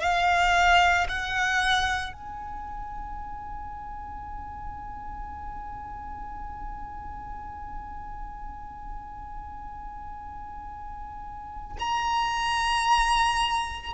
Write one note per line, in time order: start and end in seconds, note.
0.00 1.07 F5
1.08 2.13 F#5
2.13 11.77 G#5
11.79 13.93 A#5